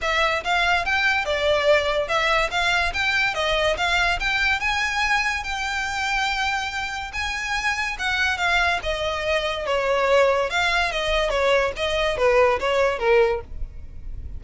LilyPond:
\new Staff \with { instrumentName = "violin" } { \time 4/4 \tempo 4 = 143 e''4 f''4 g''4 d''4~ | d''4 e''4 f''4 g''4 | dis''4 f''4 g''4 gis''4~ | gis''4 g''2.~ |
g''4 gis''2 fis''4 | f''4 dis''2 cis''4~ | cis''4 f''4 dis''4 cis''4 | dis''4 b'4 cis''4 ais'4 | }